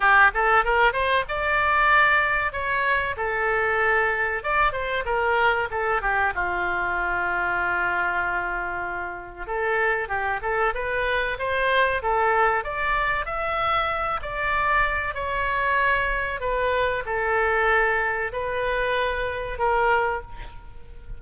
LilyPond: \new Staff \with { instrumentName = "oboe" } { \time 4/4 \tempo 4 = 95 g'8 a'8 ais'8 c''8 d''2 | cis''4 a'2 d''8 c''8 | ais'4 a'8 g'8 f'2~ | f'2. a'4 |
g'8 a'8 b'4 c''4 a'4 | d''4 e''4. d''4. | cis''2 b'4 a'4~ | a'4 b'2 ais'4 | }